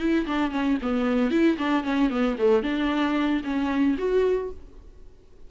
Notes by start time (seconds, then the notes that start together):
0.00 E4
0.27 D4
0.52 C#4
0.83 B3
1.31 E4
1.58 D4
1.84 C#4
2.11 B3
2.39 A3
2.63 D4
3.44 C#4
3.98 F#4